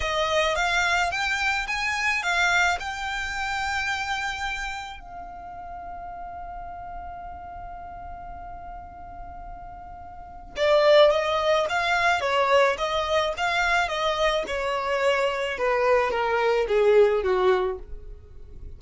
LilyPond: \new Staff \with { instrumentName = "violin" } { \time 4/4 \tempo 4 = 108 dis''4 f''4 g''4 gis''4 | f''4 g''2.~ | g''4 f''2.~ | f''1~ |
f''2. d''4 | dis''4 f''4 cis''4 dis''4 | f''4 dis''4 cis''2 | b'4 ais'4 gis'4 fis'4 | }